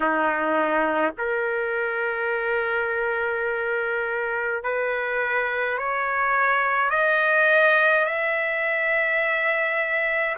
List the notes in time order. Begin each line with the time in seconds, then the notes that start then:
0.00 D#4
1.17 A#4
4.63 B4
5.77 C#5
6.90 D#5
8.05 E5